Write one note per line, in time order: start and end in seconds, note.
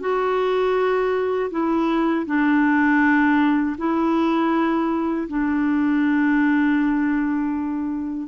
0.00 1.50 F#4
1.51 2.26 E4
2.26 3.76 D4
3.78 5.28 E4
5.28 8.28 D4